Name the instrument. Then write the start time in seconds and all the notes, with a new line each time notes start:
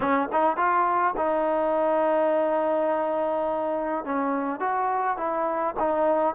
trombone
0.00 C#4
0.32 D#4
0.56 F4
1.16 D#4
4.04 C#4
4.60 F#4
5.17 E4
5.79 D#4